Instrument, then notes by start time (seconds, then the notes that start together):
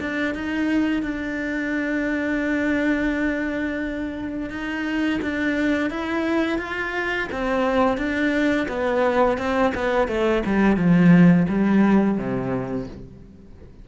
cello
0.00 D4
0.34 D#4
1.02 D4
4.50 D#4
5.22 D4
5.90 E4
6.58 F4
7.32 C4
7.97 D4
8.68 B3
9.38 C4
9.75 B3
10.08 A3
10.46 G3
10.77 F3
11.48 G3
12.17 C3